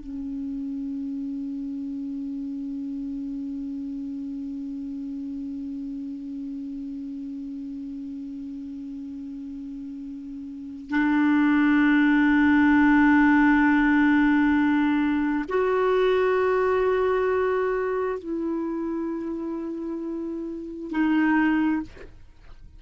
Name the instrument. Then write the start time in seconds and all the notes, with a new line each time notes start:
clarinet
0.00 C#4
10.90 D4
15.49 F#4
18.19 E4
20.91 D#4